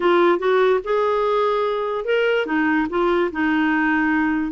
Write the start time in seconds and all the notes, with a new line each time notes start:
0.00 F4
0.38 F#4
0.83 G#4
2.05 A#4
2.46 D#4
2.89 F4
3.32 D#4